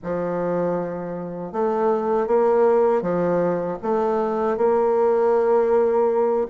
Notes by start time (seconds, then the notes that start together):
0.03 F3
1.52 A3
2.27 A#3
3.01 F3
3.82 A3
4.57 A#3